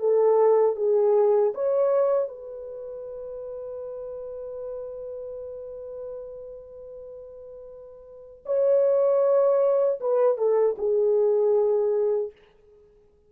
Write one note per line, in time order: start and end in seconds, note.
0.00 0.77 A4
0.77 1.53 G#4
1.55 2.29 C#5
2.29 8.44 B4
8.46 10.00 C#5
10.01 10.38 B4
10.38 10.77 A4
10.79 12.33 G#4